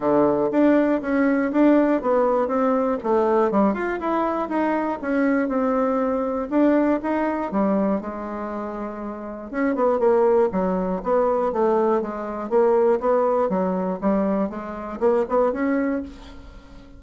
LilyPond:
\new Staff \with { instrumentName = "bassoon" } { \time 4/4 \tempo 4 = 120 d4 d'4 cis'4 d'4 | b4 c'4 a4 g8 f'8 | e'4 dis'4 cis'4 c'4~ | c'4 d'4 dis'4 g4 |
gis2. cis'8 b8 | ais4 fis4 b4 a4 | gis4 ais4 b4 fis4 | g4 gis4 ais8 b8 cis'4 | }